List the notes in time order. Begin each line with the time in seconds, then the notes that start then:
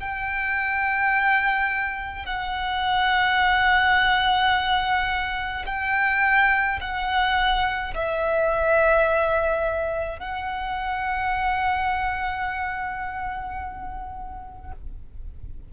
0.00 G5
2.26 F#5
5.66 G5
6.81 F#5
7.95 E5
10.19 F#5